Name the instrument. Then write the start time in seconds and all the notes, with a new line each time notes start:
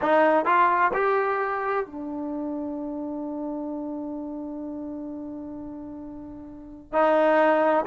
trombone
0.01 D#4
0.45 F4
0.93 G4
1.86 D4
6.92 D#4